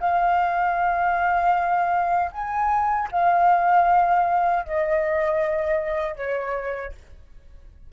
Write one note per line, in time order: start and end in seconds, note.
0.00 2.31 F5
2.32 3.09 G#5
3.12 4.64 F5
4.64 6.15 D#5
6.15 6.92 C#5